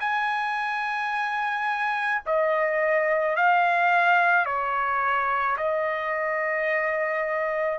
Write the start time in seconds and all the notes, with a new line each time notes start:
0.00 G#5
2.26 D#5
3.36 F5
4.46 C#5
5.57 D#5